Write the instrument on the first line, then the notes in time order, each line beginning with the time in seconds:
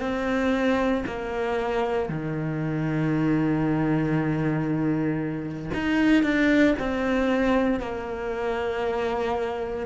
cello
0.00 C4
1.06 A#3
2.09 D#3
5.74 D#4
6.23 D4
6.79 C4
7.80 A#3